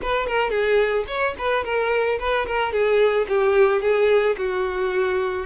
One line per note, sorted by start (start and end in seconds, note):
0.01 0.26 B4
0.26 0.50 A#4
0.50 1.04 G#4
1.07 1.34 C#5
1.38 1.64 B4
1.64 2.18 A#4
2.19 2.46 B4
2.46 2.72 A#4
2.72 3.27 G#4
3.28 3.81 G4
3.81 4.36 G#4
4.37 5.46 F#4